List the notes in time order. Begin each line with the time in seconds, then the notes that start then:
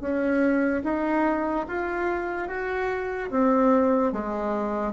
0.00 C#4
0.83 D#4
1.68 F4
2.48 F#4
3.30 C4
4.12 G#3